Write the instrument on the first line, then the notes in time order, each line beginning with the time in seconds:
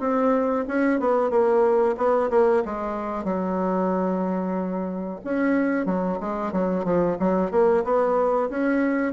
bassoon
0.00 C4
0.68 C#4
1.00 B3
1.30 A#3
1.97 B3
2.30 A#3
2.65 G#3
3.24 F#3
5.24 C#4
5.86 F#3
6.20 G#3
6.52 F#3
6.84 F3
7.19 F#3
7.51 A#3
7.84 B3
8.50 C#4